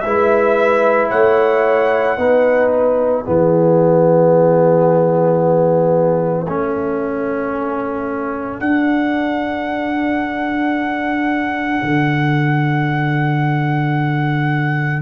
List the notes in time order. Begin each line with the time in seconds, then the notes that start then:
0.00 G#3 E4 B4 E5
1.10 A3 C#5 F#5
2.17 B3 D#4 B4
2.71 E5
3.25 E3 B3 G#4
6.46 A3 C#4 A4
8.60 D4 F#5
11.82 D3